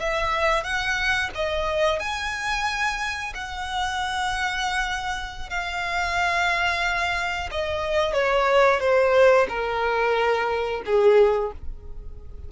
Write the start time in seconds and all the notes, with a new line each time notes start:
0.00 E5
0.64 F#5
1.35 D#5
2.00 G#5
3.35 F#5
5.50 F5
7.52 D#5
8.14 C#5
8.80 C5
9.49 A#4
10.86 G#4